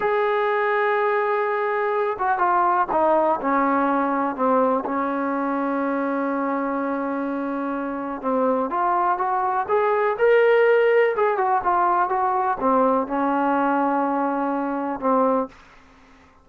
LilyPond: \new Staff \with { instrumentName = "trombone" } { \time 4/4 \tempo 4 = 124 gis'1~ | gis'8 fis'8 f'4 dis'4 cis'4~ | cis'4 c'4 cis'2~ | cis'1~ |
cis'4 c'4 f'4 fis'4 | gis'4 ais'2 gis'8 fis'8 | f'4 fis'4 c'4 cis'4~ | cis'2. c'4 | }